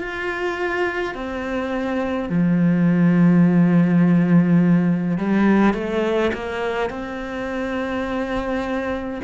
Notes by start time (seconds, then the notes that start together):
0.00 F4
1.14 C4
2.29 F3
5.18 G3
5.74 A3
6.33 A#3
6.90 C4